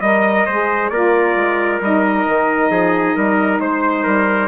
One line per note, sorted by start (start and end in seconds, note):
0.00 0.46 G3
0.00 0.49 A#4
0.00 0.90 D#5
0.00 0.46 D#5
0.46 0.91 G#3
0.46 0.93 G#4
0.46 0.90 C5
0.90 1.35 A#3
0.90 1.82 F4
0.90 2.71 A#4
0.90 1.80 D5
1.35 1.80 G#3
1.81 2.26 G3
1.81 4.48 D#4
1.81 3.61 D#5
2.28 2.70 D#3
2.70 3.15 F3
2.70 3.16 G#4
3.16 3.60 G3
3.16 3.61 A#4
3.60 4.05 G#3
3.60 4.48 C5
3.60 4.04 C5
4.04 4.48 G3
4.04 4.48 A#4